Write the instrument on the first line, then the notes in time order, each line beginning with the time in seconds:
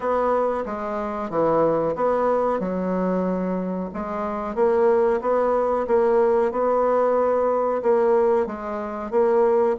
bassoon
0.00 B3
0.65 G#3
1.30 E3
1.95 B3
2.59 F#3
3.93 G#3
4.55 A#3
5.21 B3
5.87 A#3
6.51 B3
7.82 A#3
8.46 G#3
9.10 A#3